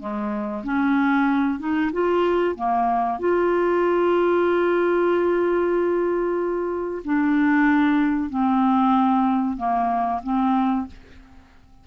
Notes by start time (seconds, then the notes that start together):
0.00 G#3
0.64 C#4
1.60 D#4
1.93 F4
2.56 A#3
3.20 F4
7.05 D4
8.30 C4
9.57 A#3
10.24 C4